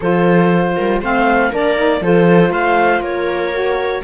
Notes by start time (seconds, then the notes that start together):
0.00 F3 F4 A4 C5
0.75 G3 A#4
1.00 A3 C4 C5 F5
1.50 A#3 D4 A#4 D5
1.76 D#4
2.00 F3 F4 A4 C5
2.50 A3 C5 F5
3.00 A#3 A#4 C#5
3.52 F#4